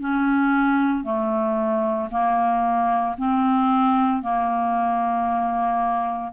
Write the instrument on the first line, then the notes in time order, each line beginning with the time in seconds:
clarinet
0.00 C#4
1.03 A3
2.11 A#3
3.18 C4
4.22 A#3